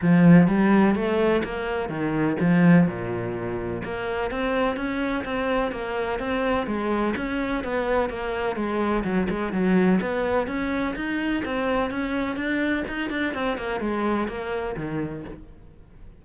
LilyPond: \new Staff \with { instrumentName = "cello" } { \time 4/4 \tempo 4 = 126 f4 g4 a4 ais4 | dis4 f4 ais,2 | ais4 c'4 cis'4 c'4 | ais4 c'4 gis4 cis'4 |
b4 ais4 gis4 fis8 gis8 | fis4 b4 cis'4 dis'4 | c'4 cis'4 d'4 dis'8 d'8 | c'8 ais8 gis4 ais4 dis4 | }